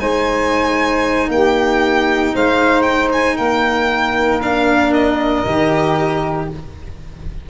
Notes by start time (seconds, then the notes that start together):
0.00 G#3 D#4 C5 G#5
1.29 A#3 G4 G5
2.34 G#3 C5 F5
2.83 G5
3.12 G#5
3.37 A#3 A#4 G5
4.42 D4 F5
4.93 D#5
5.46 D#3 G4